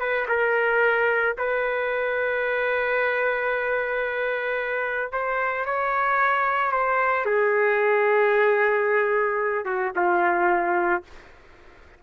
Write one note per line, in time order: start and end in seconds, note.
0.00 0.27 B4
0.29 1.36 A#4
1.39 5.13 B4
5.13 5.66 C5
5.66 6.72 C#5
6.72 7.26 C5
7.26 9.66 G#4
9.66 9.92 F#4
9.96 11.03 F4